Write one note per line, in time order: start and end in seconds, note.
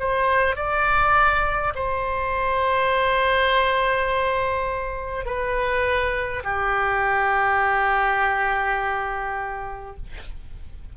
0.00 0.56 C5
0.56 1.73 D5
1.75 5.26 C5
5.26 6.43 B4
6.44 9.97 G4